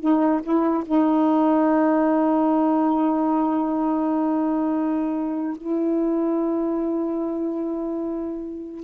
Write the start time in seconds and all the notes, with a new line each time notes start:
0.00 D#4
0.43 E4
0.86 D#4
5.57 E4